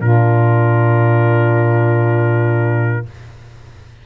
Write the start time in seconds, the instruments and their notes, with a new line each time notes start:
0.00 tuba A#2, horn D4, saxophone F4, trumpet A#4